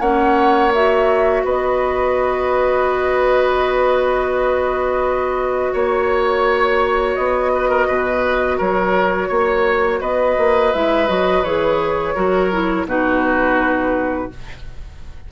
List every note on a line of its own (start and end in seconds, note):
0.00 1.43 A#3
0.00 0.72 C#4
0.00 1.43 C#5
0.00 0.72 F#5
0.74 10.74 F#4
0.74 1.45 E5
1.44 5.72 B3
1.44 5.72 B4
1.44 5.75 D#5
5.72 7.17 A#3
5.72 7.51 C#5
5.72 7.15 C#5
7.15 7.88 B3
7.15 8.58 D#5
7.54 7.69 B4
7.69 7.86 A#4
7.87 8.59 B2
7.87 8.57 B4
8.57 9.30 F#3
8.57 9.28 A#4
8.57 10.02 C#5
9.28 10.00 A#3
9.28 9.99 C#5
10.00 10.36 B3
10.00 12.15 B4
10.00 10.72 D#5
10.37 10.73 A#3
10.72 11.09 G#3
10.72 11.07 E4
10.72 11.08 E5
11.07 11.43 F#3
11.07 11.43 F#4
11.07 11.43 D#5
11.43 12.14 E3
11.43 12.15 G#4
11.43 12.86 C#5
12.15 12.85 F#3
12.15 12.51 F#4
12.15 12.86 A#4
12.51 12.87 E4
12.85 14.28 B2
12.85 14.30 D#4
12.85 14.31 F#4
12.85 14.31 B4